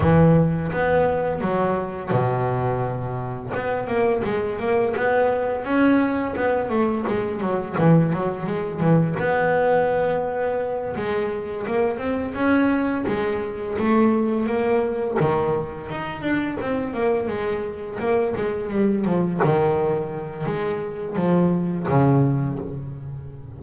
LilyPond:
\new Staff \with { instrumentName = "double bass" } { \time 4/4 \tempo 4 = 85 e4 b4 fis4 b,4~ | b,4 b8 ais8 gis8 ais8 b4 | cis'4 b8 a8 gis8 fis8 e8 fis8 | gis8 e8 b2~ b8 gis8~ |
gis8 ais8 c'8 cis'4 gis4 a8~ | a8 ais4 dis4 dis'8 d'8 c'8 | ais8 gis4 ais8 gis8 g8 f8 dis8~ | dis4 gis4 f4 cis4 | }